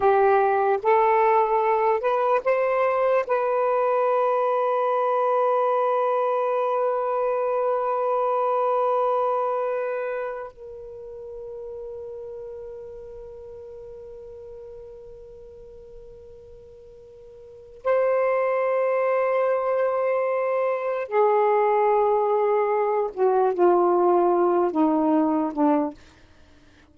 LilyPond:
\new Staff \with { instrumentName = "saxophone" } { \time 4/4 \tempo 4 = 74 g'4 a'4. b'8 c''4 | b'1~ | b'1~ | b'4 ais'2.~ |
ais'1~ | ais'2 c''2~ | c''2 gis'2~ | gis'8 fis'8 f'4. dis'4 d'8 | }